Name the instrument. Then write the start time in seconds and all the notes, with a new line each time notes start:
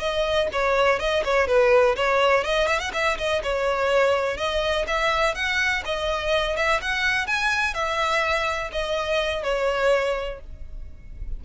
violin
0.00 D#5
0.53 C#5
0.99 D#5
1.25 C#5
1.47 B4
1.96 C#5
2.44 D#5
2.67 E5
2.79 F#5
2.94 E5
3.18 D#5
3.44 C#5
4.37 D#5
4.87 E5
5.35 F#5
5.85 D#5
6.57 E5
6.82 F#5
7.27 G#5
7.74 E5
8.72 D#5
9.43 C#5